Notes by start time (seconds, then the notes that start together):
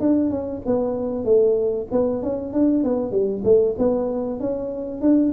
0.00 D4
0.30 C#4
0.65 B3
1.24 A3
1.91 B3
2.22 C#4
2.53 D4
2.84 B3
3.11 G3
3.44 A3
3.78 B3
4.39 C#4
5.01 D4